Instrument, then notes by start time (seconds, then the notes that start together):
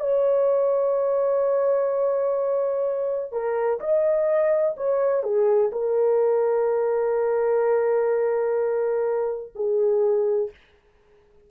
horn
0.00 C#5
3.32 A#4
3.80 D#5
4.77 C#5
5.23 G#4
5.72 A#4
9.55 G#4